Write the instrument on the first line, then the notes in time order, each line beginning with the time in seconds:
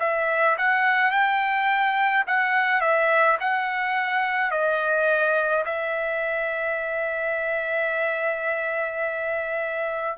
trumpet
0.00 E5
0.58 F#5
1.11 G5
2.27 F#5
2.81 E5
3.40 F#5
4.51 D#5
5.66 E5